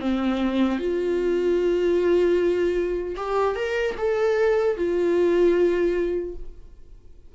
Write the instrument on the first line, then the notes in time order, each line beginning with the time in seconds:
viola
0.00 C4
0.79 F4
3.17 G4
3.56 A#4
3.98 A4
4.77 F4